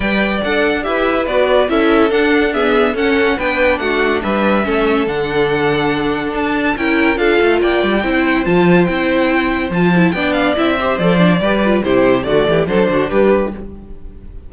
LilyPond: <<
  \new Staff \with { instrumentName = "violin" } { \time 4/4 \tempo 4 = 142 g''4 fis''4 e''4 d''4 | e''4 fis''4 e''4 fis''4 | g''4 fis''4 e''2 | fis''2. a''4 |
g''4 f''4 g''2 | a''4 g''2 a''4 | g''8 f''8 e''4 d''2 | c''4 d''4 c''4 b'4 | }
  \new Staff \with { instrumentName = "violin" } { \time 4/4 d''2 b'2 | a'2 gis'4 a'4 | b'4 fis'4 b'4 a'4~ | a'1 |
ais'4 a'4 d''4 c''4~ | c''1 | d''4. c''4. b'4 | g'4 fis'8 g'8 a'8 fis'8 g'4 | }
  \new Staff \with { instrumentName = "viola" } { \time 4/4 b'4 a'4 g'4 fis'4 | e'4 d'4 b4 cis'4 | d'2. cis'4 | d'1 |
e'4 f'2 e'4 | f'4 e'2 f'8 e'8 | d'4 e'8 g'8 a'8 d'8 g'8 f'8 | e'4 a4 d'2 | }
  \new Staff \with { instrumentName = "cello" } { \time 4/4 g4 d'4 e'4 b4 | cis'4 d'2 cis'4 | b4 a4 g4 a4 | d2. d'4 |
cis'4 d'8 a8 ais8 g8 c'4 | f4 c'2 f4 | b4 c'4 f4 g4 | c4 d8 e8 fis8 d8 g4 | }
>>